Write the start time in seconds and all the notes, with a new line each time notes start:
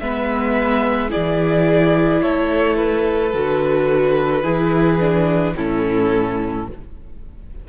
0.00 G#3 B3 B4 E5
1.10 E4 G#4 D5
1.16 E3
2.22 A3 A4 C#5
2.77 B4
3.34 D3 F#4
4.43 E3 E4 G#4
5.00 D4
5.57 A2 C#4 E4 A4